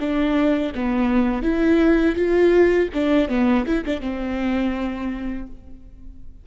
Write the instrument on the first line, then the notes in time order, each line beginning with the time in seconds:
viola
0.00 D4
0.75 B3
1.43 E4
2.16 F4
2.94 D4
3.29 B3
3.66 E4
3.85 D4
4.01 C4